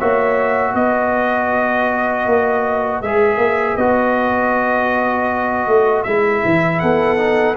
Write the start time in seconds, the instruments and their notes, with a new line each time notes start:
0.00 tuba A#3, trombone F#4, horn C#5, trumpet E5
0.74 tuba B3, horn B4, trumpet D#5
2.26 tuba A#3
3.02 tuba G#3, trombone G#4, trumpet E5
3.37 tuba A#3
3.77 tuba B3, trombone F#4, trumpet D#5
5.67 tuba A3
6.04 tuba G#3, trombone E4, trumpet E5
6.45 tuba E3
6.80 tuba B3, horn A4, trumpet F#5
7.18 trombone D#4